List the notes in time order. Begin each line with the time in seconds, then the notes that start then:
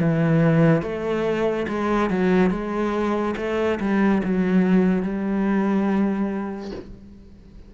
0.00 E3
0.82 A3
1.68 G#3
2.10 F#3
2.50 G#3
3.36 A3
3.80 G3
4.24 F#3
5.02 G3